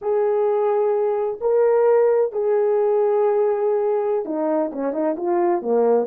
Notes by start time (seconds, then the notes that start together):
0.01 G#4
1.41 A#4
2.32 G#4
4.25 D#4
4.72 C#4
4.92 D#4
5.16 F4
5.61 A#3